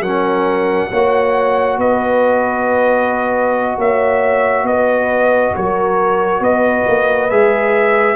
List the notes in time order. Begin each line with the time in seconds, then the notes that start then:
0.00 F#3 C#4 A#4 F#5
0.90 A#3 F#4 C#5
1.78 B3 B4 D#5
3.77 A#3 C#5 E5
4.63 B3 D#5
4.69 B4
5.55 F#3 A#4 C#5
6.40 B3 B4 D#5
6.87 A#3
7.30 G#3 G#4 E5